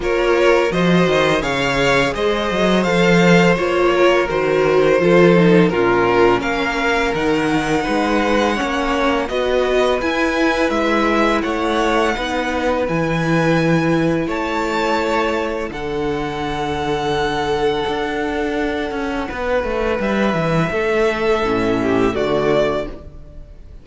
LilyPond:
<<
  \new Staff \with { instrumentName = "violin" } { \time 4/4 \tempo 4 = 84 cis''4 dis''4 f''4 dis''4 | f''4 cis''4 c''2 | ais'4 f''4 fis''2~ | fis''4 dis''4 gis''4 e''4 |
fis''2 gis''2 | a''2 fis''2~ | fis''1 | e''2. d''4 | }
  \new Staff \with { instrumentName = "violin" } { \time 4/4 ais'4 c''4 cis''4 c''4~ | c''4. ais'4. a'4 | f'4 ais'2 b'4 | cis''4 b'2. |
cis''4 b'2. | cis''2 a'2~ | a'2. b'4~ | b'4 a'4. g'8 fis'4 | }
  \new Staff \with { instrumentName = "viola" } { \time 4/4 f'4 fis'4 gis'2 | a'4 f'4 fis'4 f'8 dis'8 | cis'2 dis'2 | cis'4 fis'4 e'2~ |
e'4 dis'4 e'2~ | e'2 d'2~ | d'1~ | d'2 cis'4 a4 | }
  \new Staff \with { instrumentName = "cello" } { \time 4/4 ais4 f8 dis8 cis4 gis8 fis8 | f4 ais4 dis4 f4 | ais,4 ais4 dis4 gis4 | ais4 b4 e'4 gis4 |
a4 b4 e2 | a2 d2~ | d4 d'4. cis'8 b8 a8 | g8 e8 a4 a,4 d4 | }
>>